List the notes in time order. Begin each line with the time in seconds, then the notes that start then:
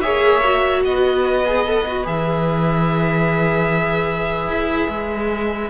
0.00 A#3 G#4 C#5 E5
0.43 F#4
0.84 B3 B4 D#5
1.46 G#4
1.66 A4
1.87 F#4
2.04 E3 G#4 E5
4.47 E4
4.88 G#3